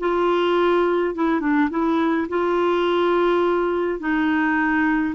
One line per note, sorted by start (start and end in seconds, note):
0.00 1.15 F4
1.15 1.41 E4
1.41 1.69 D4
1.70 2.28 E4
2.29 4.00 F4
4.00 5.15 D#4